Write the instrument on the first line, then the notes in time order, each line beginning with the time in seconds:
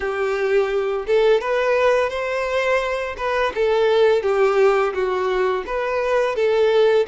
violin
0.00 G4
1.06 A4
1.40 B4
2.09 C5
3.17 B4
3.55 A4
4.22 G4
4.93 F#4
5.66 B4
6.35 A4